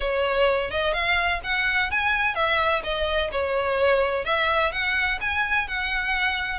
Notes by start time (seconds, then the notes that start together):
0.00 C#5
0.71 D#5
0.93 F5
1.43 F#5
1.90 G#5
2.34 E5
2.83 D#5
3.31 C#5
4.24 E5
4.72 F#5
5.21 G#5
5.67 F#5